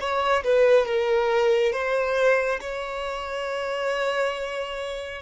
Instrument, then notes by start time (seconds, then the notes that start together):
violin
0.00 C#5
0.44 B4
0.86 A#4
1.73 C5
2.60 C#5